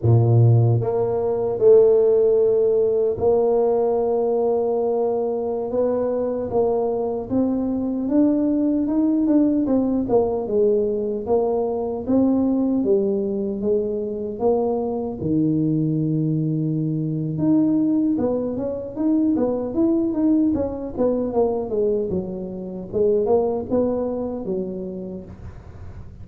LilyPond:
\new Staff \with { instrumentName = "tuba" } { \time 4/4 \tempo 4 = 76 ais,4 ais4 a2 | ais2.~ ais16 b8.~ | b16 ais4 c'4 d'4 dis'8 d'16~ | d'16 c'8 ais8 gis4 ais4 c'8.~ |
c'16 g4 gis4 ais4 dis8.~ | dis2 dis'4 b8 cis'8 | dis'8 b8 e'8 dis'8 cis'8 b8 ais8 gis8 | fis4 gis8 ais8 b4 fis4 | }